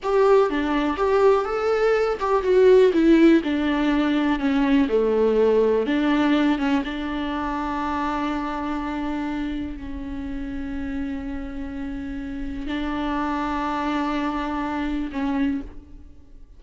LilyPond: \new Staff \with { instrumentName = "viola" } { \time 4/4 \tempo 4 = 123 g'4 d'4 g'4 a'4~ | a'8 g'8 fis'4 e'4 d'4~ | d'4 cis'4 a2 | d'4. cis'8 d'2~ |
d'1 | cis'1~ | cis'2 d'2~ | d'2. cis'4 | }